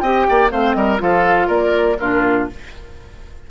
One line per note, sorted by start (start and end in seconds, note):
0.00 0.26 C4
0.00 0.50 G4
0.00 0.27 D#5
0.00 0.49 G5
0.29 0.52 A#3
0.29 0.52 D5
0.50 0.76 A3
0.50 0.98 C4
0.50 0.77 C5
0.50 0.74 F5
0.74 1.00 G3
0.74 1.02 A#4
0.74 0.98 D#5
0.98 1.49 F3
0.98 1.97 F4
0.98 1.48 A4
0.98 1.49 F5
1.48 1.98 A#3
1.48 1.97 A#4
1.48 1.98 D5
1.98 2.50 A#2
1.98 2.51 D4
1.98 2.49 F4
1.98 2.48 A#4